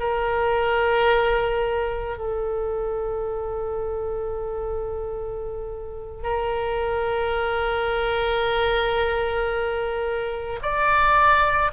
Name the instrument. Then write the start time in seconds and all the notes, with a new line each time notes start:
oboe
0.00 A#4
2.18 A4
6.23 A#4
10.62 D5